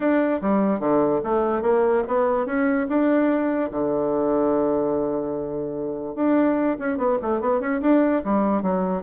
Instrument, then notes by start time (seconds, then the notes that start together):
bassoon
0.00 D4
0.41 G3
0.79 D3
1.23 A3
1.62 A#3
2.07 B3
2.46 C#4
2.88 D4
3.71 D3
6.15 D4
6.79 C#4
6.97 B3
7.22 A3
7.40 B3
7.60 C#4
7.81 D4
8.24 G3
8.62 F#3